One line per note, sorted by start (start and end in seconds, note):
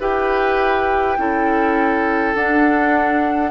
0.00 1.18 E4
0.00 1.18 G4
0.00 1.18 B4
0.00 2.35 G5
1.18 2.35 C#4
1.18 2.36 E4
1.18 3.51 A4
2.35 3.51 D4
2.35 3.51 F#5